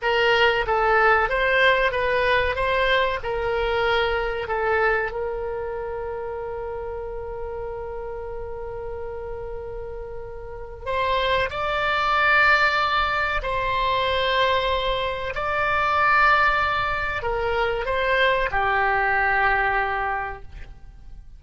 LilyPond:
\new Staff \with { instrumentName = "oboe" } { \time 4/4 \tempo 4 = 94 ais'4 a'4 c''4 b'4 | c''4 ais'2 a'4 | ais'1~ | ais'1~ |
ais'4 c''4 d''2~ | d''4 c''2. | d''2. ais'4 | c''4 g'2. | }